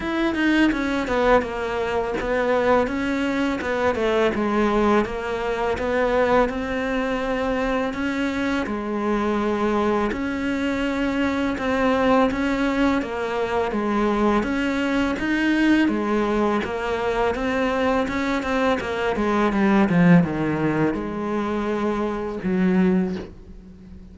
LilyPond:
\new Staff \with { instrumentName = "cello" } { \time 4/4 \tempo 4 = 83 e'8 dis'8 cis'8 b8 ais4 b4 | cis'4 b8 a8 gis4 ais4 | b4 c'2 cis'4 | gis2 cis'2 |
c'4 cis'4 ais4 gis4 | cis'4 dis'4 gis4 ais4 | c'4 cis'8 c'8 ais8 gis8 g8 f8 | dis4 gis2 fis4 | }